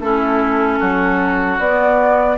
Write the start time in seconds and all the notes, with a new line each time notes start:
0.00 A3 C#4 E4 A4
0.79 F#3 F#4
1.59 B3 D5